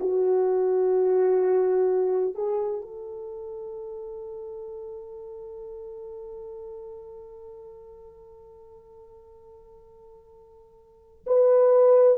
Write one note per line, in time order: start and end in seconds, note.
0.00 2.34 F#4
2.34 2.81 G#4
2.81 11.25 A4
11.27 12.18 B4